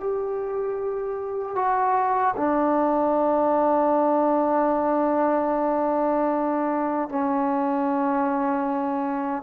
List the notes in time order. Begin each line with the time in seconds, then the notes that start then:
0.00 G4
1.55 F#4
2.36 D4
7.09 C#4